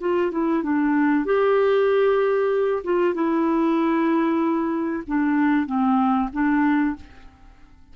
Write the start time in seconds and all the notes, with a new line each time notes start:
0.00 F4
0.32 E4
0.63 D4
1.25 G4
2.84 F4
3.14 E4
5.07 D4
5.66 C4
6.32 D4